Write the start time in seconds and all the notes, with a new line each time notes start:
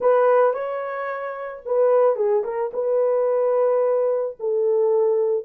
0.00 B4
0.53 C#5
1.65 B4
2.15 G#4
2.44 A#4
2.73 B4
4.39 A4